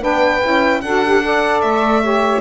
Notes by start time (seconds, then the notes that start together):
0.00 B3 D4 B4 G5
0.41 C#4 E4
0.81 D4 F#4 A4 F#5
1.05 G4
1.21 A4 D5
1.61 A3 E5
2.02 G4 C#5